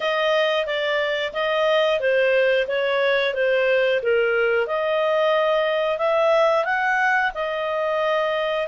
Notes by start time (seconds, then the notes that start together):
0.00 D#5
0.65 D5
1.33 D#5
2.00 C5
2.67 C#5
3.34 C5
4.02 A#4
4.67 D#5
5.98 E5
6.65 F#5
7.34 D#5